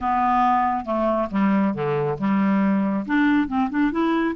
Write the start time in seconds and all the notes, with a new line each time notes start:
0.00 B3
0.85 A3
1.30 G3
1.74 D3
2.18 G3
3.06 D4
3.47 C4
3.70 D4
3.91 E4